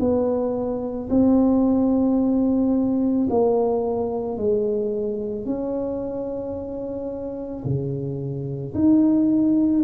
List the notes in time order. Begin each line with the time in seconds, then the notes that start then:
0.00 B3
1.10 C4
3.30 A#3
4.38 G#3
5.45 C#4
7.65 C#3
8.74 D#4